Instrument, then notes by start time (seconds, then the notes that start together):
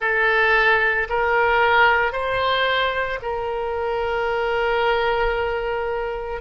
oboe
0.00 A4
1.09 A#4
2.12 C5
3.21 A#4